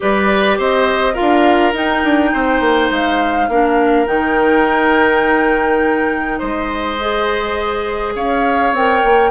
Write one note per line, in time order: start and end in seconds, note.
0.00 0.58 G3
0.00 1.14 G4
0.00 0.58 B4
0.00 0.59 D5
0.58 1.16 C4
0.58 1.13 C5
0.58 1.15 D#5
1.13 1.72 F4
1.13 2.30 A#4
1.13 1.73 F5
1.20 1.73 D4
1.73 2.02 D#4
1.73 3.49 D#4
1.73 2.92 G5
2.04 2.33 D4
2.33 2.60 C4
2.33 3.49 C5
2.60 2.89 A#3
2.90 3.48 G#3
2.90 4.06 F5
3.48 4.06 A#3
3.48 4.06 D4
3.48 6.38 A#4
4.06 6.40 D#3
4.06 6.97 D#4
4.06 6.38 G5
6.38 8.15 G#3
6.38 8.13 C5
6.38 8.13 D#5
7.00 8.74 G#4
8.15 8.72 C#4
8.15 9.30 C#5
8.15 8.74 F5
8.72 9.01 C4
8.72 9.30 A#4
8.72 9.30 G5
9.03 9.30 A#3